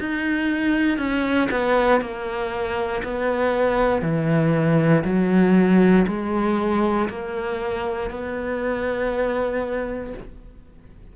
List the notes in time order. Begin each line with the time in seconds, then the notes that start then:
0.00 D#4
0.98 C#4
1.51 B3
2.02 A#3
3.04 B3
4.02 E3
5.05 F#3
6.08 G#3
7.10 A#3
8.11 B3